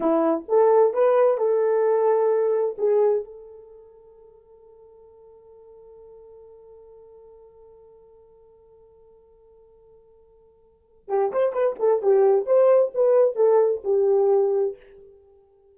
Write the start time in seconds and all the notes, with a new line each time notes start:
0.00 E4
0.48 A4
0.93 B4
1.37 A4
2.78 G#4
3.24 A4
11.08 G4
11.31 C5
11.53 B4
11.79 A4
12.02 G4
12.46 C5
12.94 B4
13.35 A4
13.84 G4